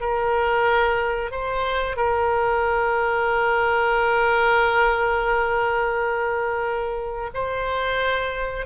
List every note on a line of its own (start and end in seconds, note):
0.00 1.31 A#4
1.31 1.96 C5
1.96 7.30 A#4
7.34 8.66 C5